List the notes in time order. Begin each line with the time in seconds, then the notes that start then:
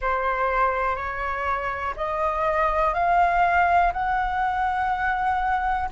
0.00 C5
0.96 C#5
1.96 D#5
2.93 F5
3.92 F#5